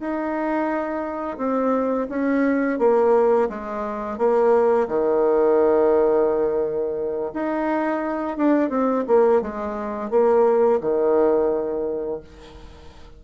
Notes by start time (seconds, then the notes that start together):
0.00 D#4
1.38 C4
2.09 C#4
2.79 A#3
3.49 G#3
4.18 A#3
4.88 D#3
7.34 D#4
8.37 D4
8.70 C4
9.07 A#3
9.42 G#3
10.10 A#3
10.81 D#3